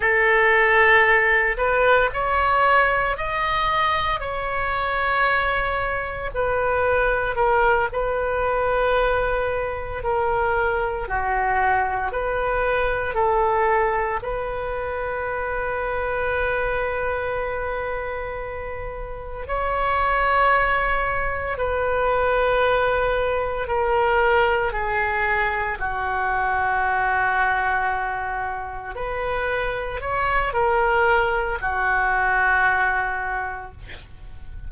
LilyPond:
\new Staff \with { instrumentName = "oboe" } { \time 4/4 \tempo 4 = 57 a'4. b'8 cis''4 dis''4 | cis''2 b'4 ais'8 b'8~ | b'4. ais'4 fis'4 b'8~ | b'8 a'4 b'2~ b'8~ |
b'2~ b'8 cis''4.~ | cis''8 b'2 ais'4 gis'8~ | gis'8 fis'2. b'8~ | b'8 cis''8 ais'4 fis'2 | }